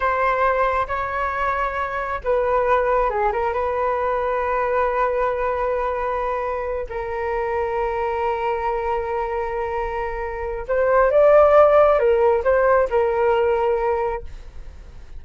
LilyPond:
\new Staff \with { instrumentName = "flute" } { \time 4/4 \tempo 4 = 135 c''2 cis''2~ | cis''4 b'2 gis'8 ais'8 | b'1~ | b'2.~ b'8 ais'8~ |
ais'1~ | ais'1 | c''4 d''2 ais'4 | c''4 ais'2. | }